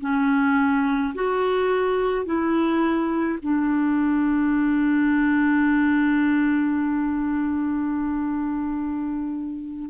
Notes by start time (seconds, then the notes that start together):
0.00 C#4
1.14 F#4
2.25 E4
3.42 D4